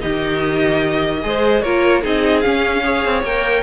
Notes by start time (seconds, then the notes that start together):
0.00 D#3 D#4 G4 D#5
1.22 G#3 G#4 C5
1.61 A#3 F4 A#4 C#5
2.02 C4 D#4 G#4 D#5
2.41 C#4 F5
2.83 G#4 C#5
3.05 C4
3.22 A#3 A#4 G5